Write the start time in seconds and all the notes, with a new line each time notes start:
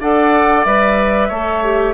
0.00 D4 A4 D5 F#5
0.64 G3 B4 E5
1.28 A3 A4 C#5
1.63 G4